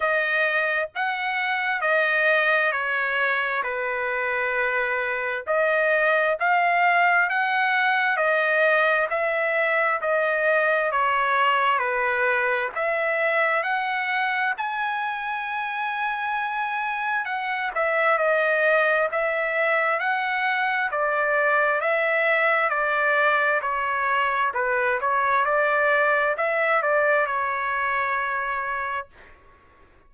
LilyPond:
\new Staff \with { instrumentName = "trumpet" } { \time 4/4 \tempo 4 = 66 dis''4 fis''4 dis''4 cis''4 | b'2 dis''4 f''4 | fis''4 dis''4 e''4 dis''4 | cis''4 b'4 e''4 fis''4 |
gis''2. fis''8 e''8 | dis''4 e''4 fis''4 d''4 | e''4 d''4 cis''4 b'8 cis''8 | d''4 e''8 d''8 cis''2 | }